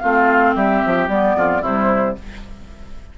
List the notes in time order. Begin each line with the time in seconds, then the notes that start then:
0.00 A3 C4 F4 F5
0.55 G3 G4 E5
0.86 F3
1.08 G3 B3 D5
1.36 F2 F4
1.61 C3 G3 E4 C5